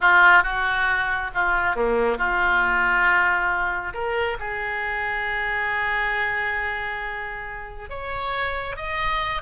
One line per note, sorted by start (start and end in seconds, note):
0.00 0.43 F4
0.43 1.30 F#4
1.34 1.75 F4
1.75 2.18 A#3
2.18 3.93 F4
3.93 4.37 A#4
4.39 7.89 G#4
7.89 8.76 C#5
8.76 9.42 D#5